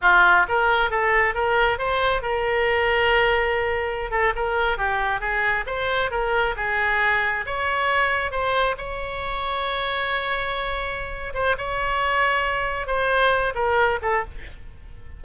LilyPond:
\new Staff \with { instrumentName = "oboe" } { \time 4/4 \tempo 4 = 135 f'4 ais'4 a'4 ais'4 | c''4 ais'2.~ | ais'4~ ais'16 a'8 ais'4 g'4 gis'16~ | gis'8. c''4 ais'4 gis'4~ gis'16~ |
gis'8. cis''2 c''4 cis''16~ | cis''1~ | cis''4. c''8 cis''2~ | cis''4 c''4. ais'4 a'8 | }